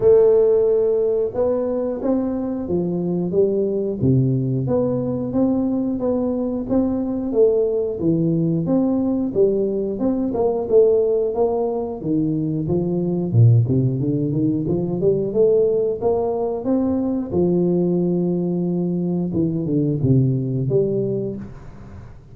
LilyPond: \new Staff \with { instrumentName = "tuba" } { \time 4/4 \tempo 4 = 90 a2 b4 c'4 | f4 g4 c4 b4 | c'4 b4 c'4 a4 | e4 c'4 g4 c'8 ais8 |
a4 ais4 dis4 f4 | ais,8 c8 d8 dis8 f8 g8 a4 | ais4 c'4 f2~ | f4 e8 d8 c4 g4 | }